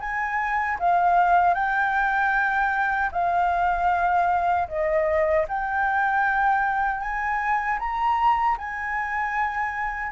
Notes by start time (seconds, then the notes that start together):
0.00 G#5
0.80 F5
1.54 G5
3.12 F5
4.68 D#5
5.48 G5
7.01 G#5
7.79 A#5
8.58 G#5